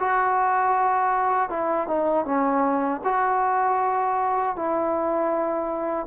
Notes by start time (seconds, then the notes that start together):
0.00 F#4
1.50 E4
1.87 D#4
2.25 C#4
3.04 F#4
4.56 E4